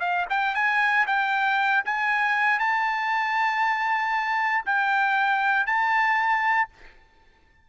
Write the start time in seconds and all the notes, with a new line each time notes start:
0.00 F5
0.30 G5
0.55 G#5
1.07 G5
1.85 G#5
2.59 A5
4.66 G5
5.66 A5